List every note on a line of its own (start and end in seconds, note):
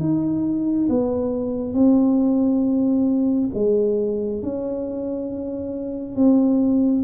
0.00 0.88 D#4
0.89 1.74 B3
1.74 3.51 C4
3.54 4.42 G#3
4.42 6.16 C#4
6.16 7.04 C4